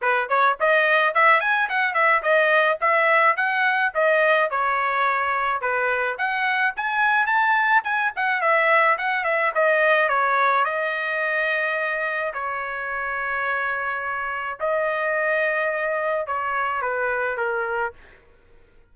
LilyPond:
\new Staff \with { instrumentName = "trumpet" } { \time 4/4 \tempo 4 = 107 b'8 cis''8 dis''4 e''8 gis''8 fis''8 e''8 | dis''4 e''4 fis''4 dis''4 | cis''2 b'4 fis''4 | gis''4 a''4 gis''8 fis''8 e''4 |
fis''8 e''8 dis''4 cis''4 dis''4~ | dis''2 cis''2~ | cis''2 dis''2~ | dis''4 cis''4 b'4 ais'4 | }